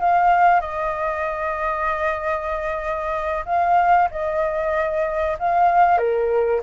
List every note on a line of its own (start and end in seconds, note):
0.00 0.61 F5
0.61 3.45 D#5
3.45 4.09 F5
4.11 5.37 D#5
5.39 5.98 F5
5.98 6.61 A#4